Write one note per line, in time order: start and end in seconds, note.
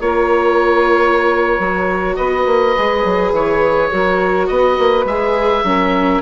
0.00 1.59 A#3
0.00 1.60 F4
0.00 2.16 A#4
0.00 2.16 C#5
1.59 2.16 F#3
1.59 2.77 F#4
2.16 2.46 B3
2.16 3.89 B4
2.16 3.31 D#5
2.46 2.75 A#3
2.77 3.04 G#3
2.77 3.91 G#4
3.04 3.31 F#3
3.31 3.89 E3
3.31 4.47 C#5
3.91 4.49 F#3
3.91 5.07 F#4
3.91 4.48 A#4
4.47 4.78 B3
4.47 5.65 B4
4.47 5.04 D#5
4.78 5.04 A#3
5.04 5.62 G#3
5.04 5.65 G#4
5.04 6.22 E5
5.63 6.21 F#3
5.63 6.22 C#4
5.63 6.22 A#4